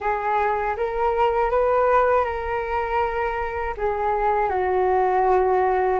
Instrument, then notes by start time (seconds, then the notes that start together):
flute
0.00 G#4
0.76 A#4
1.50 B4
2.24 A#4
3.77 G#4
4.49 F#4